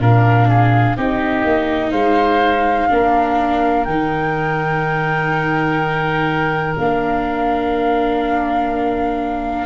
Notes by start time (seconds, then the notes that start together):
0.00 A#2 D4 A#4 F5
0.49 G#4
0.97 C4 D#4 G4 D#5
1.45 A#3
1.91 G#3 C5 F5
2.89 A#3 D4 A#4
3.85 D#3 D#4 G5
6.78 A#3 D4 F5